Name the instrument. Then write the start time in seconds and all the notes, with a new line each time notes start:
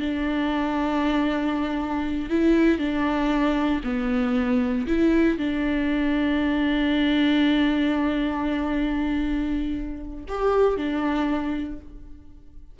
viola
0.00 D4
2.30 E4
2.79 D4
3.84 B3
4.87 E4
5.38 D4
10.28 G4
10.77 D4